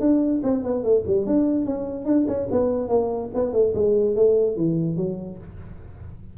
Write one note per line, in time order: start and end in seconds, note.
0.00 0.41 D4
0.43 0.64 C4
0.64 0.83 B3
0.83 1.04 A3
1.07 1.26 G3
1.26 1.66 D4
1.66 2.05 C#4
2.05 2.26 D4
2.27 2.48 C#4
2.51 2.88 B3
2.88 3.30 A#3
3.34 3.52 B3
3.52 3.73 A3
3.74 4.15 G#3
4.15 4.56 A3
4.56 4.96 E3
4.96 5.38 F#3